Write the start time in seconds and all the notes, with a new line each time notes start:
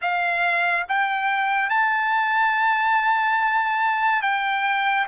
0.01 F5
0.88 G5
1.69 A5
4.21 G5